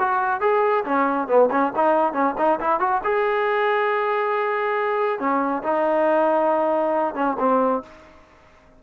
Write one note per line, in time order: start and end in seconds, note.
0.00 0.41 F#4
0.41 0.85 G#4
0.85 1.28 C#4
1.28 1.50 B3
1.52 1.73 C#4
1.76 2.14 D#4
2.14 2.35 C#4
2.38 2.60 D#4
2.61 2.80 E4
2.80 3.02 F#4
3.04 5.20 G#4
5.20 5.63 C#4
5.63 7.15 D#4
7.15 7.37 C#4
7.40 7.83 C4